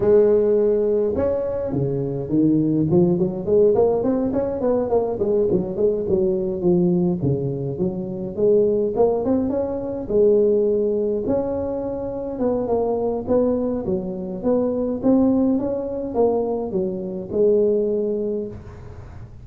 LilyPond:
\new Staff \with { instrumentName = "tuba" } { \time 4/4 \tempo 4 = 104 gis2 cis'4 cis4 | dis4 f8 fis8 gis8 ais8 c'8 cis'8 | b8 ais8 gis8 fis8 gis8 fis4 f8~ | f8 cis4 fis4 gis4 ais8 |
c'8 cis'4 gis2 cis'8~ | cis'4. b8 ais4 b4 | fis4 b4 c'4 cis'4 | ais4 fis4 gis2 | }